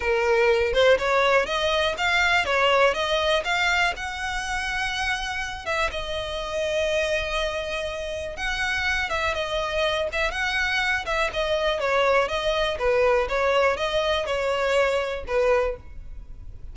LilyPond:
\new Staff \with { instrumentName = "violin" } { \time 4/4 \tempo 4 = 122 ais'4. c''8 cis''4 dis''4 | f''4 cis''4 dis''4 f''4 | fis''2.~ fis''8 e''8 | dis''1~ |
dis''4 fis''4. e''8 dis''4~ | dis''8 e''8 fis''4. e''8 dis''4 | cis''4 dis''4 b'4 cis''4 | dis''4 cis''2 b'4 | }